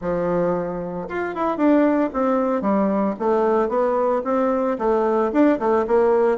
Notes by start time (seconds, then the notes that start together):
0.01 F3
1.09 F4
1.34 E4
1.57 D4
2.13 C4
2.61 G3
3.19 A3
3.69 B3
4.24 C4
4.78 A3
5.32 D4
5.59 A3
5.87 A#3